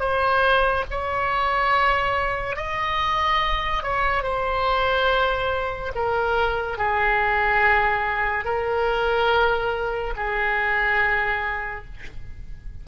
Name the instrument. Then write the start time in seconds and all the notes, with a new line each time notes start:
oboe
0.00 C5
0.91 C#5
2.56 D#5
3.83 C#5
4.23 C5
5.95 A#4
6.78 G#4
8.45 A#4
10.16 G#4